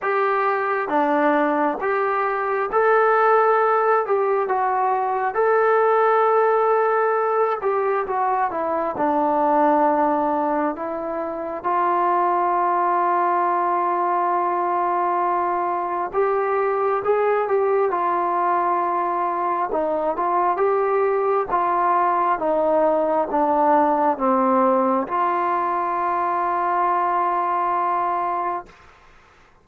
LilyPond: \new Staff \with { instrumentName = "trombone" } { \time 4/4 \tempo 4 = 67 g'4 d'4 g'4 a'4~ | a'8 g'8 fis'4 a'2~ | a'8 g'8 fis'8 e'8 d'2 | e'4 f'2.~ |
f'2 g'4 gis'8 g'8 | f'2 dis'8 f'8 g'4 | f'4 dis'4 d'4 c'4 | f'1 | }